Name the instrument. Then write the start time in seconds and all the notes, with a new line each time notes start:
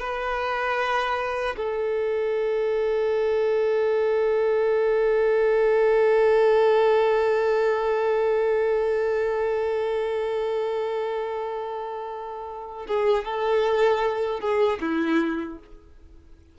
violin
0.00 B4
1.57 A4
12.87 G#4
13.25 A4
14.40 G#4
14.81 E4